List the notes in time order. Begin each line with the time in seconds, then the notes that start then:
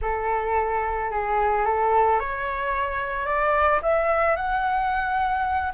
0.01 A4
1.10 G#4
1.65 A4
2.19 C#5
3.26 D5
3.82 E5
4.36 F#5